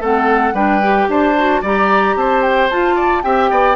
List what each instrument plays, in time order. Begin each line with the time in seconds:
0.00 bassoon A3, clarinet C4, oboe A4, flute F#5
0.53 bassoon G3, clarinet D4, oboe B4, flute G5
0.82 clarinet G4
1.08 bassoon D4, oboe C5, flute A5
1.37 clarinet F#4
1.61 bassoon G3, clarinet G4, oboe D5, flute A#5
2.16 bassoon C4, oboe C5, flute A5
2.42 flute G5
2.69 clarinet F4, bassoon F4, flute A5
2.95 oboe D5
3.23 bassoon C4, clarinet G4, oboe E5, flute G5
3.50 bassoon B3, oboe D5